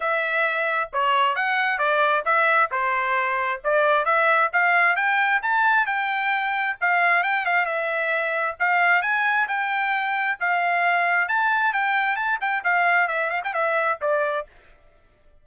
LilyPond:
\new Staff \with { instrumentName = "trumpet" } { \time 4/4 \tempo 4 = 133 e''2 cis''4 fis''4 | d''4 e''4 c''2 | d''4 e''4 f''4 g''4 | a''4 g''2 f''4 |
g''8 f''8 e''2 f''4 | gis''4 g''2 f''4~ | f''4 a''4 g''4 a''8 g''8 | f''4 e''8 f''16 g''16 e''4 d''4 | }